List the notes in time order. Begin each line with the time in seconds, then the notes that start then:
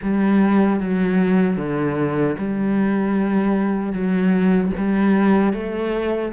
0.02 G3
0.80 F#3
1.56 D3
2.38 G3
3.93 F#3
4.77 G3
5.53 A3